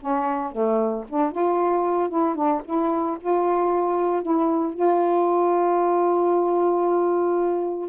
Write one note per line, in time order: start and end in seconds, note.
0.00 0.51 C#4
0.51 1.04 A3
1.09 1.31 D4
1.31 2.09 F4
2.09 2.35 E4
2.35 2.61 D4
2.65 3.17 E4
3.20 4.22 F4
4.22 4.73 E4
4.73 7.89 F4